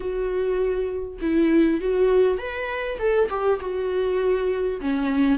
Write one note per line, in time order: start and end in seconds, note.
0.00 1.17 F#4
1.21 1.80 E4
1.80 2.38 F#4
2.38 2.98 B4
2.98 3.28 A4
3.29 3.59 G4
3.60 4.80 F#4
4.80 5.38 C#4